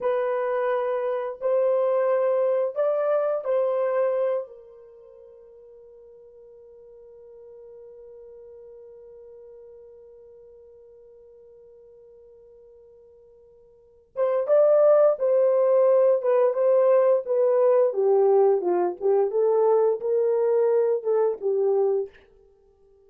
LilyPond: \new Staff \with { instrumentName = "horn" } { \time 4/4 \tempo 4 = 87 b'2 c''2 | d''4 c''4. ais'4.~ | ais'1~ | ais'1~ |
ais'1~ | ais'8 c''8 d''4 c''4. b'8 | c''4 b'4 g'4 f'8 g'8 | a'4 ais'4. a'8 g'4 | }